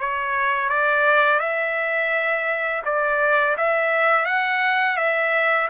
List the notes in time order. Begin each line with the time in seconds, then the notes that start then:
0.00 C#5
0.69 D5
1.40 E5
2.85 D5
3.57 E5
4.26 F#5
4.97 E5